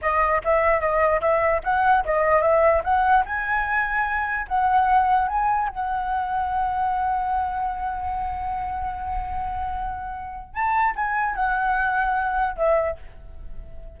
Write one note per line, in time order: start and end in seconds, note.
0.01 0.42 D#5
0.44 0.80 E5
0.80 1.21 D#5
1.21 1.61 E5
1.63 2.04 F#5
2.04 2.41 D#5
2.41 2.82 E5
2.84 3.24 F#5
3.25 4.46 G#5
4.48 5.28 F#5
5.28 5.68 G#5
5.68 10.54 F#5
10.54 10.94 A5
10.95 11.35 G#5
11.35 12.56 F#5
12.56 12.96 E5